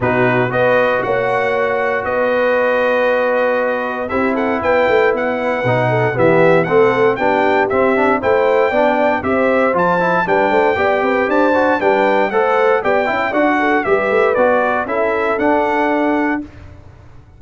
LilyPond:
<<
  \new Staff \with { instrumentName = "trumpet" } { \time 4/4 \tempo 4 = 117 b'4 dis''4 fis''2 | dis''1 | e''8 fis''8 g''4 fis''2 | e''4 fis''4 g''4 e''4 |
g''2 e''4 a''4 | g''2 a''4 g''4 | fis''4 g''4 fis''4 e''4 | d''4 e''4 fis''2 | }
  \new Staff \with { instrumentName = "horn" } { \time 4/4 fis'4 b'4 cis''2 | b'1 | g'8 a'8 b'2~ b'8 a'8 | g'4 a'4 g'2 |
c''4 d''4 c''2 | b'8 c''8 d''8 b'8 c''4 b'4 | c''4 d''8 e''8 d''8 a'8 b'4~ | b'4 a'2. | }
  \new Staff \with { instrumentName = "trombone" } { \time 4/4 dis'4 fis'2.~ | fis'1 | e'2. dis'4 | b4 c'4 d'4 c'8 d'8 |
e'4 d'4 g'4 f'8 e'8 | d'4 g'4. fis'8 d'4 | a'4 g'8 e'8 fis'4 g'4 | fis'4 e'4 d'2 | }
  \new Staff \with { instrumentName = "tuba" } { \time 4/4 b,4 b4 ais2 | b1 | c'4 b8 a8 b4 b,4 | e4 a4 b4 c'4 |
a4 b4 c'4 f4 | g8 a8 b8 c'8 d'4 g4 | a4 b8 cis'8 d'4 g8 a8 | b4 cis'4 d'2 | }
>>